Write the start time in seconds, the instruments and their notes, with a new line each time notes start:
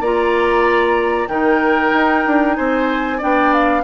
0.00 bassoon A#3, clarinet F4, oboe D5, flute A#5
1.28 bassoon D#3, clarinet D#4, oboe A#4, flute G5
1.93 bassoon D#4
2.26 bassoon D4
2.56 bassoon C4, oboe C5, flute G#5
3.18 bassoon B3, clarinet D4, oboe D5, flute G5
3.53 flute F5